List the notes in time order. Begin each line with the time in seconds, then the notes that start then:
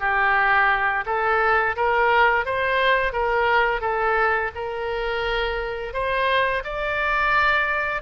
0.00 G4
1.06 A4
1.77 A#4
2.46 C5
3.13 A#4
3.82 A4
4.55 A#4
5.94 C5
6.64 D5